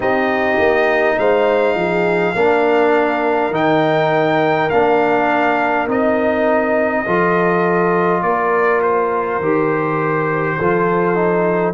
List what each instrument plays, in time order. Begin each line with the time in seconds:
0.00 tuba C4, trombone D#4, horn G4, trumpet D#5
0.58 tuba A#3
1.17 tuba G#3, horn C5, trumpet F5
1.75 tuba F3, horn G#4
2.34 tuba A#3, trombone D4, horn A#4
3.50 tuba D#3, trombone D#4, trumpet G5
4.69 tuba A#3, trombone D4, trumpet F5
5.87 tuba C4, trombone D#4, trumpet D#5
7.05 tuba F3, trombone F4, horn A4
8.22 tuba A#3, horn A#4, trumpet D5
8.82 trumpet C5
9.39 tuba D#3, trombone G4
10.58 tuba F3, trombone F4, horn A4
11.14 trombone D#4